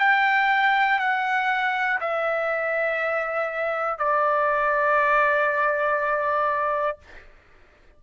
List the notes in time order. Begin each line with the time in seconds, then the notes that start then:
0.00 G5
1.00 F#5
2.01 E5
3.99 D5